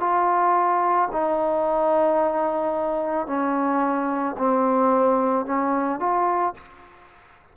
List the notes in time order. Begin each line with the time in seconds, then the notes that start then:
0.00 F4
1.12 D#4
3.27 C#4
4.38 C4
5.46 C#4
6.00 F4